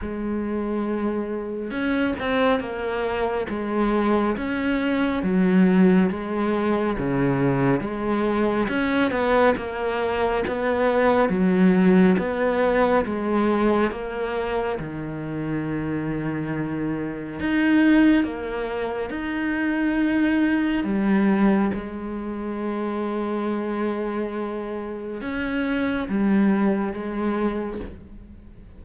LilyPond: \new Staff \with { instrumentName = "cello" } { \time 4/4 \tempo 4 = 69 gis2 cis'8 c'8 ais4 | gis4 cis'4 fis4 gis4 | cis4 gis4 cis'8 b8 ais4 | b4 fis4 b4 gis4 |
ais4 dis2. | dis'4 ais4 dis'2 | g4 gis2.~ | gis4 cis'4 g4 gis4 | }